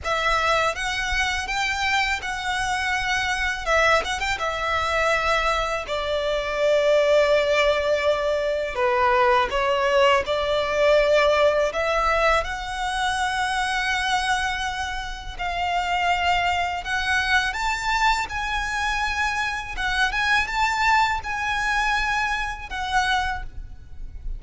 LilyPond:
\new Staff \with { instrumentName = "violin" } { \time 4/4 \tempo 4 = 82 e''4 fis''4 g''4 fis''4~ | fis''4 e''8 fis''16 g''16 e''2 | d''1 | b'4 cis''4 d''2 |
e''4 fis''2.~ | fis''4 f''2 fis''4 | a''4 gis''2 fis''8 gis''8 | a''4 gis''2 fis''4 | }